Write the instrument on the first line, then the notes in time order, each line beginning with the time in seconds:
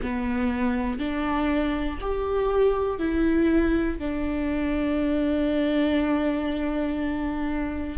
viola
0.02 B3
0.99 D4
2.00 G4
2.98 E4
3.98 D4